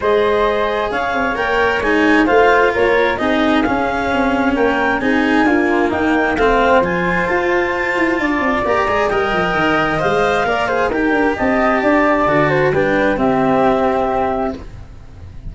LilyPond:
<<
  \new Staff \with { instrumentName = "clarinet" } { \time 4/4 \tempo 4 = 132 dis''2 f''4 g''4 | gis''4 f''4 cis''4 dis''4 | f''2 g''4 gis''4~ | gis''4 g''4 f''4 gis''4 |
a''2. ais''4 | g''2 f''2 | g''4 a''2. | g''4 e''2. | }
  \new Staff \with { instrumentName = "flute" } { \time 4/4 c''2 cis''2~ | cis''4 c''4 ais'4 gis'4~ | gis'2 ais'4 gis'4 | f'4 dis'4 c''2~ |
c''2 d''2 | dis''2. d''8 c''8 | ais'4 dis''4 d''4. c''8 | b'4 g'2. | }
  \new Staff \with { instrumentName = "cello" } { \time 4/4 gis'2. ais'4 | dis'4 f'2 dis'4 | cis'2. dis'4 | ais2 c'4 f'4~ |
f'2. g'8 gis'8 | ais'2 c''4 ais'8 gis'8 | g'2. fis'4 | d'4 c'2. | }
  \new Staff \with { instrumentName = "tuba" } { \time 4/4 gis2 cis'8 c'8 ais4 | gis4 a4 ais4 c'4 | cis'4 c'4 ais4 c'4 | d'4 dis'4 a4 f4 |
f'4. e'8 d'8 c'8 ais8 gis8 | g8 f8 dis4 gis4 ais4 | dis'8 d'8 c'4 d'4 d4 | g4 c'2. | }
>>